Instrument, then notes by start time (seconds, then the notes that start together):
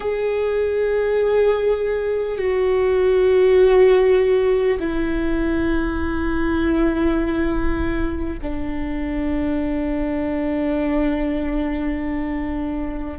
viola
0.00 G#4
2.38 F#4
4.79 E4
8.42 D4